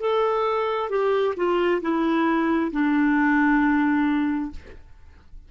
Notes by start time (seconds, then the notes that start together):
0.00 A4
0.90 G4
1.36 F4
1.82 E4
2.72 D4